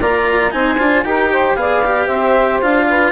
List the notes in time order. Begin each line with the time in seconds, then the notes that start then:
0.00 A#3 F4 D5 A#5
0.51 C4 D#4 C5 G#5
0.79 D4 F4
1.04 D#4 G4 A#4 G5
1.32 C5
1.56 B3 G#4 D5 F5
1.84 G4
2.07 C4 C5 E5
2.62 D4 F4 F5
2.89 B4